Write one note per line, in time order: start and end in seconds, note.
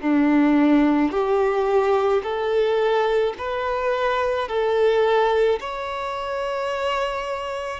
0.00 1.11 D4
1.11 2.22 G4
2.22 3.33 A4
3.38 4.47 B4
4.47 5.59 A4
5.60 7.80 C#5